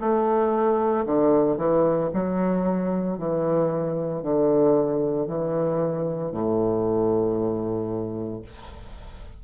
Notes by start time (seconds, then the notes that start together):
0.00 A3
1.05 D3
1.57 E3
2.13 F#3
3.18 E3
4.22 D3
5.27 E3
6.31 A2